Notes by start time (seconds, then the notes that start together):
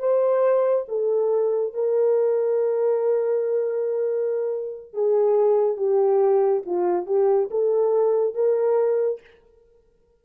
0.00 C5
0.88 A4
1.74 A#4
4.94 G#4
5.77 G4
6.66 F4
7.07 G4
7.51 A4
8.35 A#4